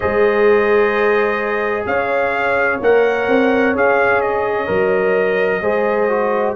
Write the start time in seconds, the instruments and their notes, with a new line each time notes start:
0.00 tuba G#3, trombone G#4, horn C5, trumpet D#5
1.86 tuba C#4, horn C#5, trumpet F5
2.80 tuba A#3, trombone A#4, trumpet F#5
3.27 tuba C4
3.74 tuba C#4, trombone G#4, trumpet F5
4.20 trumpet D#5
4.66 tuba F#3, trombone A#4
5.61 tuba G#3, trombone G#4, horn C5
6.09 trombone F#4